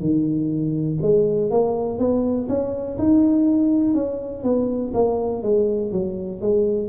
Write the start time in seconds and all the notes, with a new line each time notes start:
0.00 D#3
1.02 G#3
1.51 A#3
1.99 B3
2.49 C#4
2.99 D#4
3.95 C#4
4.44 B3
4.94 A#3
5.43 G#3
5.92 F#3
6.42 G#3